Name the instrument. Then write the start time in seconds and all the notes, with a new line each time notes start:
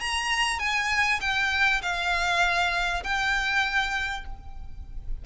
violin
0.00 A#5
0.59 G#5
1.21 G5
1.82 F5
3.04 G5